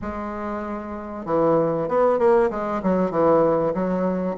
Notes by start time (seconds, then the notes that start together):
0.01 G#3
1.25 E3
1.88 B3
2.18 A#3
2.50 G#3
2.82 F#3
3.11 E3
3.73 F#3